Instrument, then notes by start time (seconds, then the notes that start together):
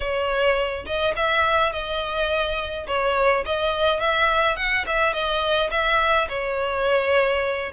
violin
0.00 C#5
0.85 D#5
1.16 E5
1.72 D#5
2.87 C#5
3.45 D#5
4.00 E5
4.56 F#5
4.86 E5
5.13 D#5
5.71 E5
6.29 C#5